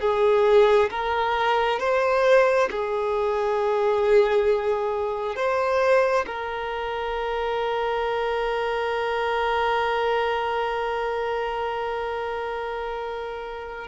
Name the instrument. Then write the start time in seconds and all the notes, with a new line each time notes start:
violin
0.00 G#4
0.90 A#4
1.79 C5
2.70 G#4
5.36 C5
6.26 A#4